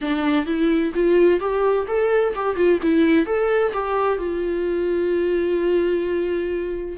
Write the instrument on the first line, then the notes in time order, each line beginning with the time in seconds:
viola
0.01 D4
0.46 E4
0.94 F4
1.40 G4
1.87 A4
2.35 G4
2.55 F4
2.82 E4
3.26 A4
3.73 G4
4.18 F4